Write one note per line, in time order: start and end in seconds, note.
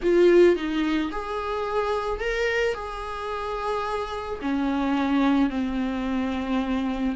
0.02 0.56 F4
0.56 1.11 D#4
1.11 2.20 G#4
2.20 2.74 A#4
2.74 4.39 G#4
4.41 5.50 C#4
5.50 7.15 C4